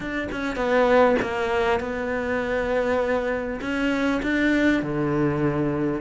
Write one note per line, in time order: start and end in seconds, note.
0.00 0.28 D4
0.31 0.56 C#4
0.56 1.16 B3
1.22 1.80 A#3
1.80 3.60 B3
3.61 4.21 C#4
4.22 4.82 D4
4.82 6.01 D3